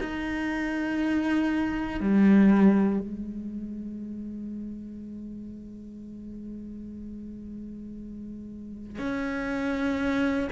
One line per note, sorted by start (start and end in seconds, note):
0.00 2.00 D#4
2.00 3.00 G3
3.00 8.98 G#3
8.98 10.48 C#4